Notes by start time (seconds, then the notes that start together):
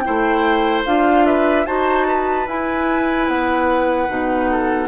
0.00 E4 C5 G5
0.07 A3
0.85 D4 F4 F5
1.25 B4 E5
1.66 D#4 F#4 C5 A5
2.07 B4
2.46 E4 G#5
3.27 B3 F#5
4.08 B2 D#4
4.50 A4